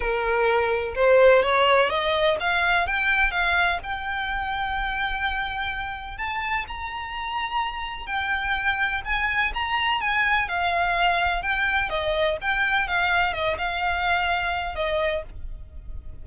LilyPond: \new Staff \with { instrumentName = "violin" } { \time 4/4 \tempo 4 = 126 ais'2 c''4 cis''4 | dis''4 f''4 g''4 f''4 | g''1~ | g''4 a''4 ais''2~ |
ais''4 g''2 gis''4 | ais''4 gis''4 f''2 | g''4 dis''4 g''4 f''4 | dis''8 f''2~ f''8 dis''4 | }